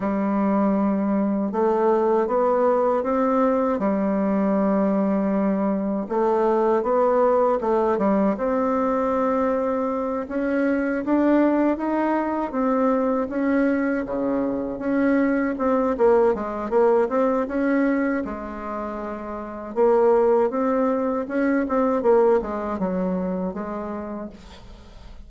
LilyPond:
\new Staff \with { instrumentName = "bassoon" } { \time 4/4 \tempo 4 = 79 g2 a4 b4 | c'4 g2. | a4 b4 a8 g8 c'4~ | c'4. cis'4 d'4 dis'8~ |
dis'8 c'4 cis'4 cis4 cis'8~ | cis'8 c'8 ais8 gis8 ais8 c'8 cis'4 | gis2 ais4 c'4 | cis'8 c'8 ais8 gis8 fis4 gis4 | }